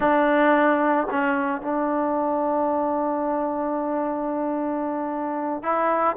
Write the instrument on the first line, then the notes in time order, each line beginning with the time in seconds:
trombone
0.00 D4
1.10 C#4
1.61 D4
5.62 E4